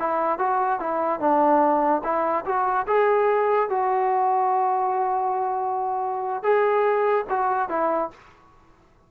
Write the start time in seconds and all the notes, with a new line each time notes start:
0.00 E4
0.39 F#4
0.80 E4
1.20 D4
2.04 E4
2.46 F#4
2.87 G#4
3.70 F#4
6.44 G#4
7.30 F#4
7.70 E4